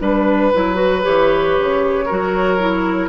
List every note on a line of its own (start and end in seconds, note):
0.00 0.52 G3
0.00 0.52 D4
0.00 1.03 B4
0.00 2.05 B4
0.54 1.06 F#3
0.54 0.75 E4
0.75 1.00 F#4
1.02 1.58 E3
1.02 2.06 G4
1.02 3.09 C#5
1.58 2.10 C#3
2.05 3.09 F#3
2.05 2.58 F#4
2.05 3.09 A#4
2.58 3.09 E4